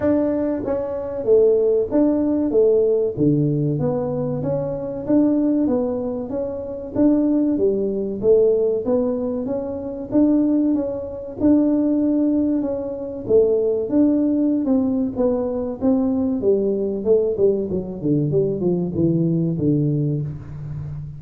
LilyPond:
\new Staff \with { instrumentName = "tuba" } { \time 4/4 \tempo 4 = 95 d'4 cis'4 a4 d'4 | a4 d4 b4 cis'4 | d'4 b4 cis'4 d'4 | g4 a4 b4 cis'4 |
d'4 cis'4 d'2 | cis'4 a4 d'4~ d'16 c'8. | b4 c'4 g4 a8 g8 | fis8 d8 g8 f8 e4 d4 | }